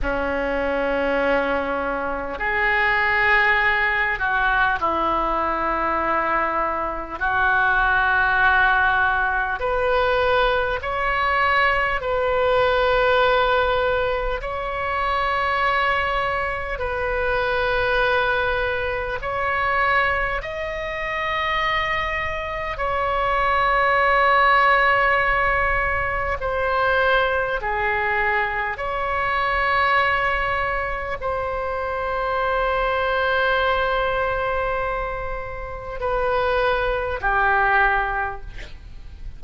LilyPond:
\new Staff \with { instrumentName = "oboe" } { \time 4/4 \tempo 4 = 50 cis'2 gis'4. fis'8 | e'2 fis'2 | b'4 cis''4 b'2 | cis''2 b'2 |
cis''4 dis''2 cis''4~ | cis''2 c''4 gis'4 | cis''2 c''2~ | c''2 b'4 g'4 | }